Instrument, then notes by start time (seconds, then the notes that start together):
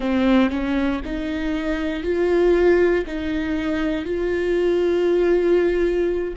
viola
0.00 C4
0.49 C#4
1.04 D#4
2.03 F4
3.06 D#4
4.04 F4